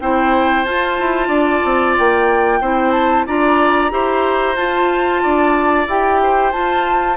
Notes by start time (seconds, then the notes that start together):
0.00 C4 E4 C5 G5
0.65 F4 A5
0.99 E4
1.28 D4 D5
1.64 C4
1.98 A#3 G5
2.60 C4 E4 C5
2.92 A5
3.26 D4 F4 D5 A#5
3.90 E4 G4 C5
4.56 F4 A5
5.23 D4 D5
5.87 E4 G4 G5
6.23 C5
6.52 F4 A5